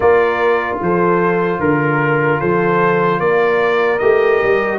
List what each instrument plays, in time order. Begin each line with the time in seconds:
0.00 tuba A#3, trombone F4, horn A#4, trumpet D5
0.81 tuba F3, horn A4, trumpet C5
1.59 tuba D3, horn A#4, trumpet A#4
2.40 tuba F3, horn A4, trumpet C5
3.19 tuba A#3, horn A#4, trumpet D5
3.99 tuba A3, trombone G4, trumpet D#5
4.43 tuba G3